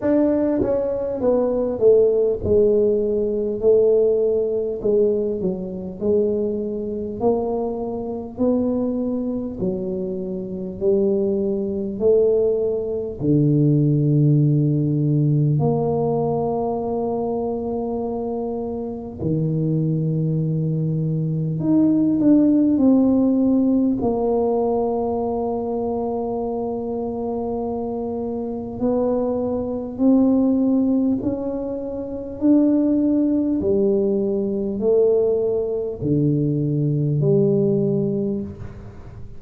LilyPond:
\new Staff \with { instrumentName = "tuba" } { \time 4/4 \tempo 4 = 50 d'8 cis'8 b8 a8 gis4 a4 | gis8 fis8 gis4 ais4 b4 | fis4 g4 a4 d4~ | d4 ais2. |
dis2 dis'8 d'8 c'4 | ais1 | b4 c'4 cis'4 d'4 | g4 a4 d4 g4 | }